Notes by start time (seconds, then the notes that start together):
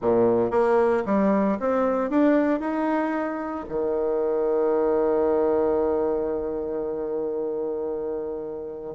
0.01 A#2
0.50 A#3
1.05 G3
1.59 C4
2.10 D4
2.60 D#4
3.68 D#3